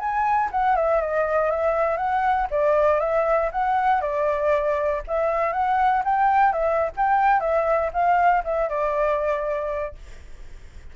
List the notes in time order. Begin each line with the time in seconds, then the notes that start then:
0.00 G#5
0.52 F#5
0.76 E5
1.02 D#5
1.51 E5
1.97 F#5
2.51 D5
3.00 E5
3.52 F#5
4.02 D5
5.08 E5
5.53 F#5
6.05 G5
6.53 E5
6.97 G5
7.40 E5
7.94 F5
8.45 E5
8.70 D5